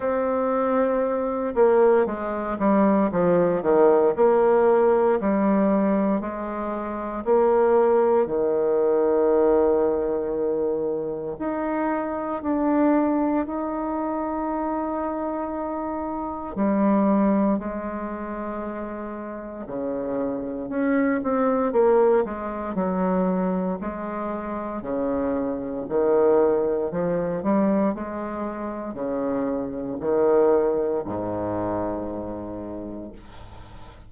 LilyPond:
\new Staff \with { instrumentName = "bassoon" } { \time 4/4 \tempo 4 = 58 c'4. ais8 gis8 g8 f8 dis8 | ais4 g4 gis4 ais4 | dis2. dis'4 | d'4 dis'2. |
g4 gis2 cis4 | cis'8 c'8 ais8 gis8 fis4 gis4 | cis4 dis4 f8 g8 gis4 | cis4 dis4 gis,2 | }